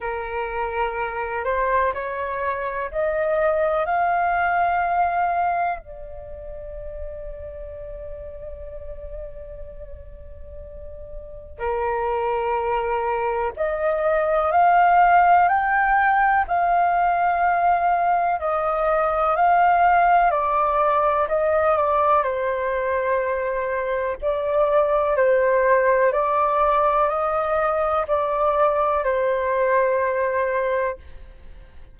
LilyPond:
\new Staff \with { instrumentName = "flute" } { \time 4/4 \tempo 4 = 62 ais'4. c''8 cis''4 dis''4 | f''2 d''2~ | d''1 | ais'2 dis''4 f''4 |
g''4 f''2 dis''4 | f''4 d''4 dis''8 d''8 c''4~ | c''4 d''4 c''4 d''4 | dis''4 d''4 c''2 | }